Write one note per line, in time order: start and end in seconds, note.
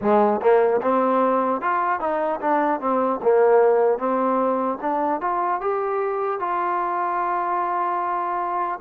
0.01 0.40 G#3
0.40 0.80 A#3
0.81 1.61 C4
1.61 2.00 F4
2.00 2.40 D#4
2.40 2.80 D4
2.80 3.20 C4
3.22 3.98 A#3
3.98 4.78 C4
4.81 5.20 D4
5.20 5.60 F4
5.60 6.39 G4
6.39 8.79 F4